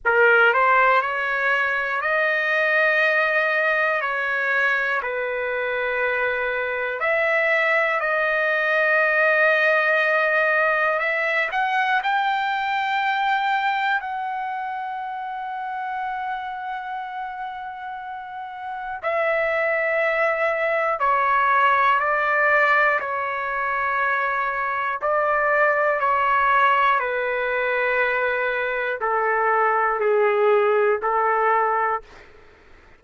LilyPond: \new Staff \with { instrumentName = "trumpet" } { \time 4/4 \tempo 4 = 60 ais'8 c''8 cis''4 dis''2 | cis''4 b'2 e''4 | dis''2. e''8 fis''8 | g''2 fis''2~ |
fis''2. e''4~ | e''4 cis''4 d''4 cis''4~ | cis''4 d''4 cis''4 b'4~ | b'4 a'4 gis'4 a'4 | }